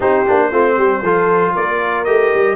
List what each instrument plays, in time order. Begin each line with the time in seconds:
0.00 tuba C4, trombone D#4, horn G4, trumpet C5
0.27 tuba A#3, trombone D4
0.50 tuba A3, trombone C4, horn F4
0.76 tuba G3, horn G4
1.02 tuba F3, trombone F4, horn A4
1.55 tuba A#3, horn A#4, trumpet D5
2.04 tuba A3, trombone G4, trumpet D#5
2.34 tuba G3